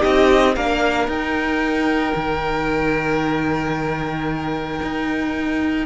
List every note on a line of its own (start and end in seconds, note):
0.00 0.56 C4
0.00 0.54 D#4
0.00 0.53 G4
0.00 0.55 D#5
0.56 1.07 A#3
0.56 1.10 D4
0.56 5.86 A#4
0.56 1.09 F5
1.07 2.14 D#4
1.07 5.86 D#4
1.07 5.86 G5
2.15 4.81 D#3
4.82 5.86 D#4